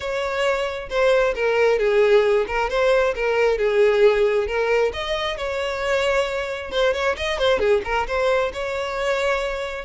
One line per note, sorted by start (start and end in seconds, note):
0.00 0.89 C#5
0.89 1.34 C5
1.35 1.78 A#4
1.78 2.46 G#4
2.47 2.69 A#4
2.69 3.14 C5
3.15 3.58 A#4
3.58 4.47 G#4
4.47 4.92 A#4
4.93 5.37 D#5
5.37 6.71 C#5
6.71 6.93 C5
6.93 7.16 C#5
7.16 7.38 D#5
7.38 7.59 C5
7.59 7.81 G#4
7.84 8.06 A#4
8.07 8.52 C5
8.53 9.84 C#5